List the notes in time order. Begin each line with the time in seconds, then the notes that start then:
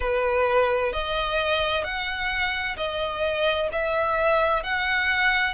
0.00 B4
0.92 D#5
1.84 F#5
2.77 D#5
3.72 E5
4.63 F#5